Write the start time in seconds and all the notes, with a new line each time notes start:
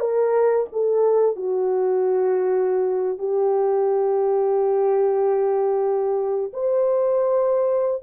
0.00 A#4
0.72 A4
1.36 F#4
3.18 G4
6.53 C5